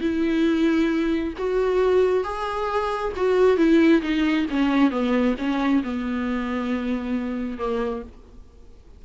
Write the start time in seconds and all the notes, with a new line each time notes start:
0.00 E4
1.37 F#4
2.23 G#4
3.16 F#4
3.57 E4
4.01 D#4
4.50 C#4
4.90 B3
5.38 C#4
5.83 B3
7.58 A#3